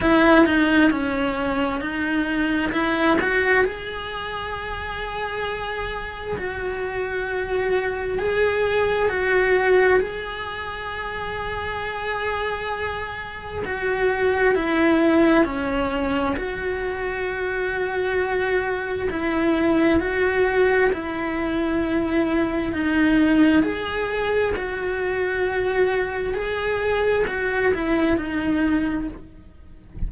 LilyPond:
\new Staff \with { instrumentName = "cello" } { \time 4/4 \tempo 4 = 66 e'8 dis'8 cis'4 dis'4 e'8 fis'8 | gis'2. fis'4~ | fis'4 gis'4 fis'4 gis'4~ | gis'2. fis'4 |
e'4 cis'4 fis'2~ | fis'4 e'4 fis'4 e'4~ | e'4 dis'4 gis'4 fis'4~ | fis'4 gis'4 fis'8 e'8 dis'4 | }